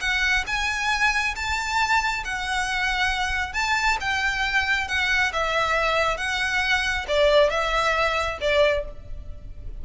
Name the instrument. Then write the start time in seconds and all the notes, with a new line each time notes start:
violin
0.00 F#5
0.46 G#5
1.35 A5
2.24 F#5
3.53 A5
4.00 G5
4.87 F#5
5.33 E5
6.17 F#5
7.08 D5
7.50 E5
8.40 D5